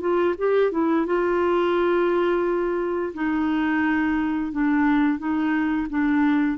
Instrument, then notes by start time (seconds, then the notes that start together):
clarinet
0.00 F4
0.38 G4
0.71 E4
1.06 F4
3.14 D#4
4.51 D4
5.18 D#4
5.89 D4